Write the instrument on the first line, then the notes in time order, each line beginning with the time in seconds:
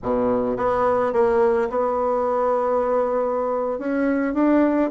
bassoon
0.03 B2
0.56 B3
1.12 A#3
1.69 B3
3.79 C#4
4.34 D4